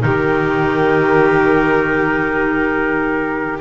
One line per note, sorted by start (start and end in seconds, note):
0.00 3.61 D#3
0.00 3.58 D#4
0.00 3.61 G4
0.00 3.60 A#4